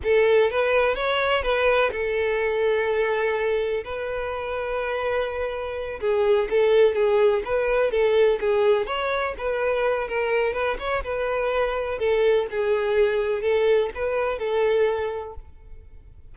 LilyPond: \new Staff \with { instrumentName = "violin" } { \time 4/4 \tempo 4 = 125 a'4 b'4 cis''4 b'4 | a'1 | b'1~ | b'8 gis'4 a'4 gis'4 b'8~ |
b'8 a'4 gis'4 cis''4 b'8~ | b'4 ais'4 b'8 cis''8 b'4~ | b'4 a'4 gis'2 | a'4 b'4 a'2 | }